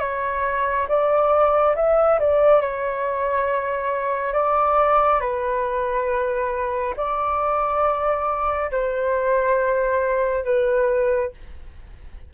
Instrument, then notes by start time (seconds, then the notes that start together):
flute
0.00 C#5
0.89 D5
1.76 E5
2.20 D5
2.61 C#5
4.34 D5
5.21 B4
6.97 D5
8.71 C5
10.45 B4